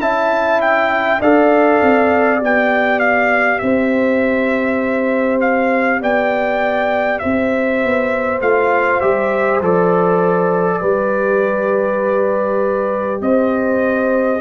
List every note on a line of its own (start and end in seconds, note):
0.00 1.20 C#4
0.00 1.20 E4
0.00 1.20 E5
0.00 0.60 A5
0.61 1.21 G5
1.20 1.81 D4
1.20 2.39 A4
1.20 3.60 D5
1.20 2.42 F5
1.82 2.41 C4
2.39 3.61 B3
2.39 8.39 G4
2.39 2.99 G5
2.99 3.59 F5
3.59 6.01 C4
3.59 6.02 C5
3.59 5.39 E5
5.40 6.00 F5
6.01 7.21 B3
6.01 7.22 D5
6.01 7.19 G5
7.19 7.83 C4
7.19 10.80 C5
7.19 8.39 E5
7.83 8.40 B3
8.40 9.01 A3
8.40 9.01 F4
8.40 9.01 F5
9.01 9.61 G3
9.01 9.61 G4
9.01 9.61 E5
9.61 10.81 F3
9.61 10.82 A4
9.61 13.21 D5
10.80 13.21 G3
10.80 14.41 G4
10.80 13.20 B4
13.21 14.41 C4
13.21 14.41 C5
13.21 14.41 D#5